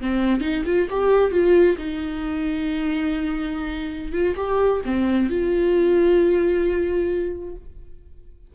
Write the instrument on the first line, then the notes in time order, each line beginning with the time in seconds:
viola
0.00 C4
0.41 D#4
0.65 F4
0.90 G4
1.31 F4
1.78 D#4
4.12 F4
4.36 G4
4.85 C4
5.29 F4